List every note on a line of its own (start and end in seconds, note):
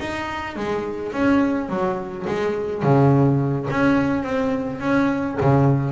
0.00 0.56 D#4
0.56 1.13 G#3
1.13 1.69 C#4
1.69 2.26 F#3
2.27 2.83 G#3
2.83 3.68 C#3
3.71 4.23 C#4
4.23 4.80 C4
4.80 5.37 C#4
5.41 5.92 C#3